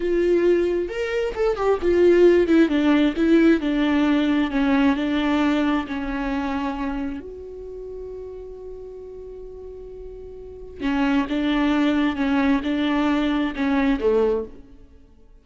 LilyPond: \new Staff \with { instrumentName = "viola" } { \time 4/4 \tempo 4 = 133 f'2 ais'4 a'8 g'8 | f'4. e'8 d'4 e'4 | d'2 cis'4 d'4~ | d'4 cis'2. |
fis'1~ | fis'1 | cis'4 d'2 cis'4 | d'2 cis'4 a4 | }